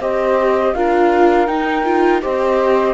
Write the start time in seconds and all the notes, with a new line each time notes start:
0.00 C4 G4 C5 D#5
0.74 D4 F4 A#4 F5
1.47 D#4 G5
1.85 F4
2.22 C4 G4 C5 D#5